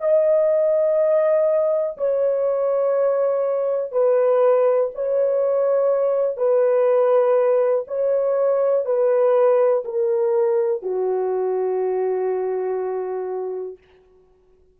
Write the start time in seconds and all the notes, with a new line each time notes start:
0.00 D#5
1.97 C#5
3.91 B4
4.94 C#5
6.37 B4
7.87 C#5
8.85 B4
9.85 A#4
10.82 F#4